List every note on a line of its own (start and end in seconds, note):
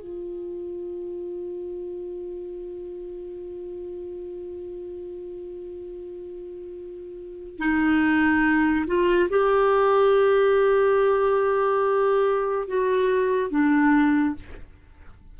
0.00 7.58 F4
7.58 8.85 D#4
8.87 9.29 F4
9.30 12.68 G4
12.68 13.50 F#4
13.50 14.35 D4